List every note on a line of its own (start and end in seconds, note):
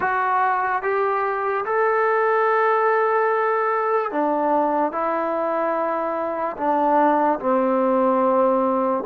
0.00 0.82 F#4
0.82 1.64 G4
1.65 4.11 A4
4.11 4.91 D4
4.91 6.56 E4
6.57 7.39 D4
7.39 9.04 C4